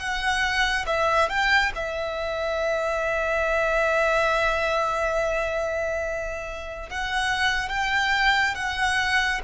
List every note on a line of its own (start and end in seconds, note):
0.00 0.86 F#5
0.87 1.30 E5
1.30 1.73 G5
1.76 6.90 E5
6.90 7.69 F#5
7.69 8.55 G5
8.56 9.41 F#5